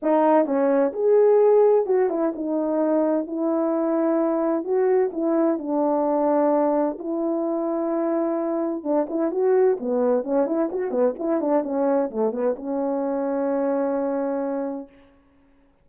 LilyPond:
\new Staff \with { instrumentName = "horn" } { \time 4/4 \tempo 4 = 129 dis'4 cis'4 gis'2 | fis'8 e'8 dis'2 e'4~ | e'2 fis'4 e'4 | d'2. e'4~ |
e'2. d'8 e'8 | fis'4 b4 cis'8 e'8 fis'8 b8 | e'8 d'8 cis'4 a8 b8 cis'4~ | cis'1 | }